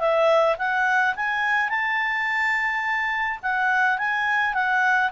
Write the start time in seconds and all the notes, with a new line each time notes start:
0.00 E5
0.59 F#5
1.16 G#5
1.70 A5
3.43 F#5
3.99 G#5
4.54 F#5